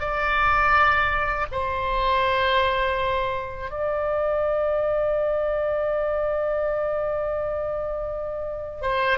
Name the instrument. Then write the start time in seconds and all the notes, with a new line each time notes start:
oboe
0.00 D5
1.52 C5
3.71 D5
8.82 C5